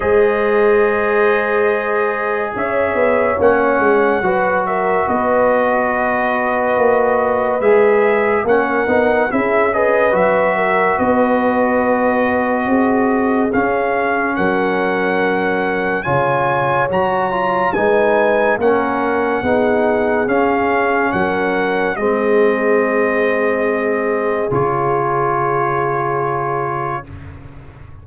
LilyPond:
<<
  \new Staff \with { instrumentName = "trumpet" } { \time 4/4 \tempo 4 = 71 dis''2. e''4 | fis''4. e''8 dis''2~ | dis''4 e''4 fis''4 e''8 dis''8 | e''4 dis''2. |
f''4 fis''2 gis''4 | ais''4 gis''4 fis''2 | f''4 fis''4 dis''2~ | dis''4 cis''2. | }
  \new Staff \with { instrumentName = "horn" } { \time 4/4 c''2. cis''4~ | cis''4 b'8 ais'8 b'2~ | b'2 ais'4 gis'8 b'8~ | b'8 ais'8 b'2 gis'4~ |
gis'4 ais'2 cis''4~ | cis''4 b'4 ais'4 gis'4~ | gis'4 ais'4 gis'2~ | gis'1 | }
  \new Staff \with { instrumentName = "trombone" } { \time 4/4 gis'1 | cis'4 fis'2.~ | fis'4 gis'4 cis'8 dis'8 e'8 gis'8 | fis'1 |
cis'2. f'4 | fis'8 f'8 dis'4 cis'4 dis'4 | cis'2 c'2~ | c'4 f'2. | }
  \new Staff \with { instrumentName = "tuba" } { \time 4/4 gis2. cis'8 b8 | ais8 gis8 fis4 b2 | ais4 gis4 ais8 b8 cis'4 | fis4 b2 c'4 |
cis'4 fis2 cis4 | fis4 gis4 ais4 b4 | cis'4 fis4 gis2~ | gis4 cis2. | }
>>